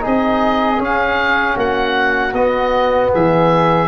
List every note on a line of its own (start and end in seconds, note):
0.00 0.78 C4
0.00 0.77 D#4
0.00 1.56 G#4
0.00 0.82 D#5
0.78 1.55 C#4
0.78 2.32 C#4
0.78 1.58 F5
1.56 2.33 A#3
1.56 3.10 F#4
1.56 2.34 F#5
2.33 3.10 B3
2.33 3.88 B3
2.33 3.11 D#5
3.12 3.88 E3
3.12 3.88 G#4
3.12 3.88 E5